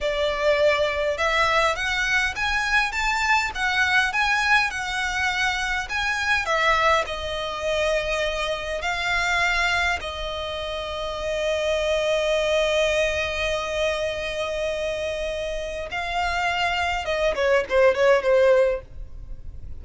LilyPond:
\new Staff \with { instrumentName = "violin" } { \time 4/4 \tempo 4 = 102 d''2 e''4 fis''4 | gis''4 a''4 fis''4 gis''4 | fis''2 gis''4 e''4 | dis''2. f''4~ |
f''4 dis''2.~ | dis''1~ | dis''2. f''4~ | f''4 dis''8 cis''8 c''8 cis''8 c''4 | }